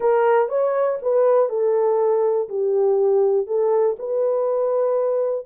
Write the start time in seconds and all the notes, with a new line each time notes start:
0.00 A#4
0.48 C#5
1.01 B4
1.49 A4
2.48 G4
3.46 A4
3.98 B4